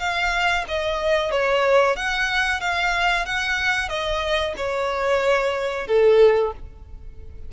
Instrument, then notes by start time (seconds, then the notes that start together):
violin
0.00 F5
0.68 D#5
1.32 C#5
1.97 F#5
2.61 F5
3.26 F#5
3.89 D#5
4.57 C#5
5.88 A4